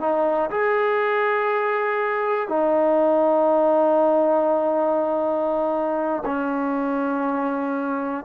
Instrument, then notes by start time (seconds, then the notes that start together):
trombone
0.00 D#4
0.50 G#4
2.49 D#4
6.25 C#4